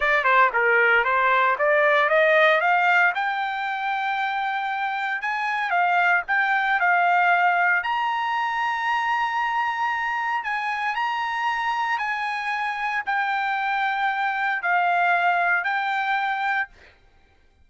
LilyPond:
\new Staff \with { instrumentName = "trumpet" } { \time 4/4 \tempo 4 = 115 d''8 c''8 ais'4 c''4 d''4 | dis''4 f''4 g''2~ | g''2 gis''4 f''4 | g''4 f''2 ais''4~ |
ais''1 | gis''4 ais''2 gis''4~ | gis''4 g''2. | f''2 g''2 | }